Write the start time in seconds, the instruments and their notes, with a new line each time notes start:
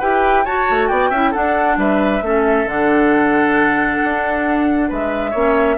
0.00 bassoon E4, clarinet G4, oboe B4, flute G5
0.45 clarinet F#4, bassoon F#4, oboe C#5, flute A5
0.70 bassoon A3
0.89 bassoon B3, oboe D5, flute G5
1.10 bassoon C#4, clarinet E4, oboe E5
1.32 clarinet D4, bassoon D4, oboe A4, flute F#5
1.78 bassoon G3, oboe B4, flute E5
2.22 bassoon A3, clarinet C#4, oboe A4
2.65 bassoon D3, clarinet D4, flute F#5
4.04 bassoon D4
4.89 bassoon G#3, oboe B4, flute E5
5.31 bassoon A#3, clarinet C#4, oboe C#5